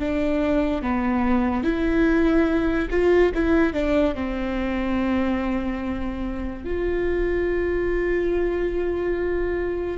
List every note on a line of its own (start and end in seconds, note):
0.00 0.82 D4
0.82 1.64 B3
1.64 2.89 E4
2.91 3.32 F4
3.34 3.73 E4
3.73 4.15 D4
4.15 6.64 C4
6.64 9.98 F4